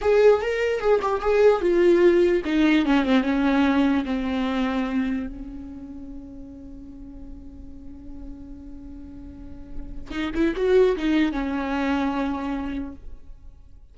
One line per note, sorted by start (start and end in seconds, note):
0.01 0.41 G#4
0.41 0.79 A#4
0.79 1.00 G#4
1.02 1.21 G4
1.21 1.61 G#4
1.61 2.42 F4
2.45 2.85 D#4
2.85 3.05 C#4
3.05 3.23 C4
3.23 4.04 C#4
4.05 5.26 C4
5.26 10.10 C#4
10.10 10.31 D#4
10.34 10.54 E4
10.56 10.96 F#4
10.96 11.32 D#4
11.32 12.94 C#4